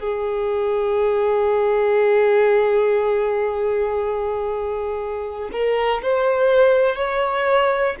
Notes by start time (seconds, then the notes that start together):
0.00 G#4
5.52 A#4
6.02 C5
6.95 C#5